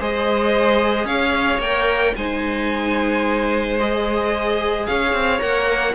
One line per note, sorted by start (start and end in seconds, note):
0.00 1.05 G#3
0.00 1.62 G#4
0.00 1.06 C5
0.00 1.07 D#5
1.05 1.59 C#4
1.05 2.14 C#5
1.05 1.61 F5
1.59 2.13 A#3
1.59 2.17 A#4
1.59 2.15 G5
2.16 4.87 G#3
2.16 3.79 D#4
2.16 4.87 C5
2.16 3.78 G#5
3.79 5.39 G#4
3.79 4.86 D#5
4.86 5.13 C#4
4.86 5.94 C#5
4.86 5.41 F5
5.13 5.40 C4
5.39 5.94 A#3
5.39 5.93 A#4
5.39 5.94 F#5